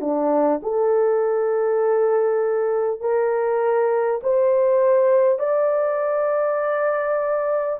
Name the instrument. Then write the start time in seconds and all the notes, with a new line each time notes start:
horn
0.00 D4
0.62 A4
3.01 A#4
4.23 C5
5.38 D5